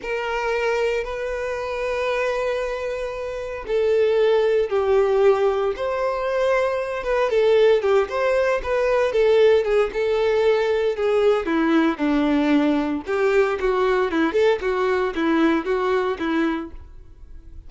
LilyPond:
\new Staff \with { instrumentName = "violin" } { \time 4/4 \tempo 4 = 115 ais'2 b'2~ | b'2. a'4~ | a'4 g'2 c''4~ | c''4. b'8 a'4 g'8 c''8~ |
c''8 b'4 a'4 gis'8 a'4~ | a'4 gis'4 e'4 d'4~ | d'4 g'4 fis'4 e'8 a'8 | fis'4 e'4 fis'4 e'4 | }